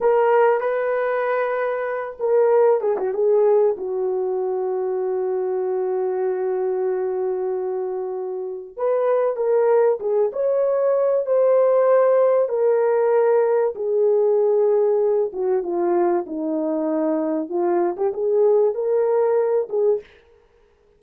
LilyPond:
\new Staff \with { instrumentName = "horn" } { \time 4/4 \tempo 4 = 96 ais'4 b'2~ b'8 ais'8~ | ais'8 gis'16 fis'16 gis'4 fis'2~ | fis'1~ | fis'2 b'4 ais'4 |
gis'8 cis''4. c''2 | ais'2 gis'2~ | gis'8 fis'8 f'4 dis'2 | f'8. g'16 gis'4 ais'4. gis'8 | }